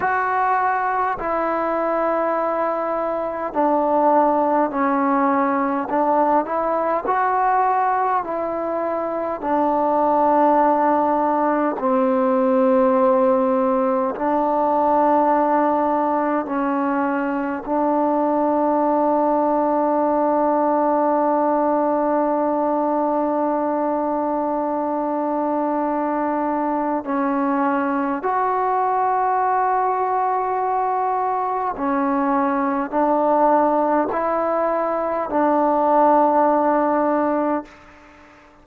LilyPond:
\new Staff \with { instrumentName = "trombone" } { \time 4/4 \tempo 4 = 51 fis'4 e'2 d'4 | cis'4 d'8 e'8 fis'4 e'4 | d'2 c'2 | d'2 cis'4 d'4~ |
d'1~ | d'2. cis'4 | fis'2. cis'4 | d'4 e'4 d'2 | }